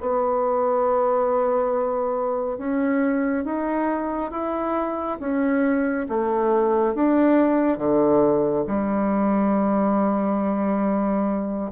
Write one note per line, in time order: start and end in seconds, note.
0.00 2.58 B3
2.58 3.44 C#4
3.44 4.31 D#4
4.31 5.18 E4
5.20 6.07 C#4
6.08 6.94 A3
6.94 7.77 D4
7.77 8.64 D3
8.67 11.71 G3